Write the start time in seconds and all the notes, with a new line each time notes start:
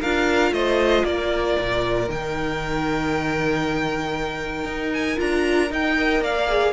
0.00 D4 F4 A#4 F5
0.51 A3 C5 D#5
1.04 A#3 A#4 D5
1.59 A#2
2.07 D#3 D#4 G5
4.64 D#4
4.93 G#5
5.16 D4 F4 A#5
5.70 D#4 G5
5.96 A#4 D#5
6.20 A#3 D5 F5
6.48 G#4